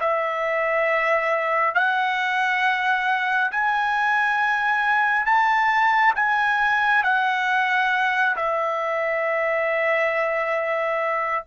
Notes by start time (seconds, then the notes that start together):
0.00 E5
1.74 F#5
3.51 G#5
5.25 A5
6.15 G#5
7.03 F#5
8.36 E5